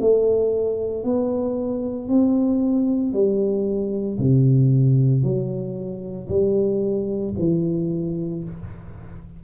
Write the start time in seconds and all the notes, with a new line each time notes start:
0.00 A3
1.04 B3
2.09 C4
3.13 G3
4.19 C3
5.23 F#3
6.29 G3
7.38 E3